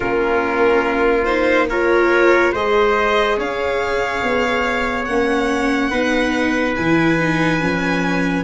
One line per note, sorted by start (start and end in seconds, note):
0.00 2.51 A#3
0.00 1.25 C#4
0.00 1.68 F4
0.00 1.24 A#4
1.24 1.69 D#4
1.24 1.66 C5
1.69 2.55 F4
1.69 2.52 A#4
1.69 2.54 C#5
2.52 3.36 G#3
2.52 5.09 G#4
2.52 3.36 C5
2.52 3.39 D#5
3.36 4.21 C#4
3.36 5.89 C#5
3.36 5.04 F5
4.23 5.07 B3
5.04 5.92 A#3
5.04 5.91 C#4
5.04 6.73 F#5
5.89 6.77 B3
5.89 6.76 D#4
5.89 8.43 B4
6.75 7.61 E3
6.75 7.19 E4
6.75 8.43 G#5
7.19 7.60 D#4
7.60 8.43 F3
7.60 8.43 C#4